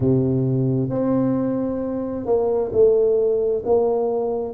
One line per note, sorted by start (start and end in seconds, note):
0.00 0.89 C3
0.89 2.25 C4
2.25 2.71 A#3
2.72 3.63 A3
3.65 4.54 A#3